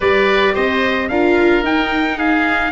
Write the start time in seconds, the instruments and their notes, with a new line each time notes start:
0.00 tuba G3, viola G4, oboe B4, trumpet D5
0.54 tuba C4, oboe C5, trumpet D#5
1.08 tuba D4, viola F4, oboe A#4, trumpet F5
1.62 tuba D#4, viola D#4, trumpet G5
2.17 oboe G#4, trumpet F5